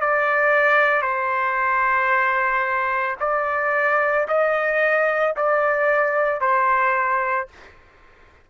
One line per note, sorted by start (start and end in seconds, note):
0.00 1.02 D5
1.02 3.16 C5
3.20 4.27 D5
4.28 5.35 D#5
5.36 6.40 D5
6.40 7.48 C5